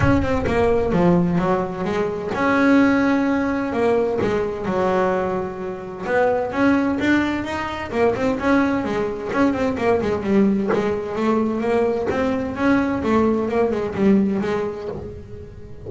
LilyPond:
\new Staff \with { instrumentName = "double bass" } { \time 4/4 \tempo 4 = 129 cis'8 c'8 ais4 f4 fis4 | gis4 cis'2. | ais4 gis4 fis2~ | fis4 b4 cis'4 d'4 |
dis'4 ais8 c'8 cis'4 gis4 | cis'8 c'8 ais8 gis8 g4 gis4 | a4 ais4 c'4 cis'4 | a4 ais8 gis8 g4 gis4 | }